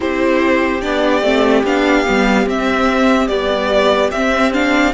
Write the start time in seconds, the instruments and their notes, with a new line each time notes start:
0.00 cello C4, viola E4, violin G4 C5
0.81 cello B3, viola D4, violin D5
1.22 cello A3, viola C4
1.63 cello B3, viola D4, violin F5
2.05 cello G3, viola B3
2.46 cello C4, viola C4, violin E5
3.27 viola G3, cello B3, violin D5
4.11 cello C4, viola C4, violin E5
4.52 viola D4, violin F5